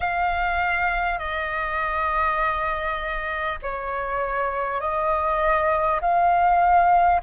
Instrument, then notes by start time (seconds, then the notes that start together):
flute
0.00 F5
1.18 D#5
3.62 C#5
4.80 D#5
6.01 F5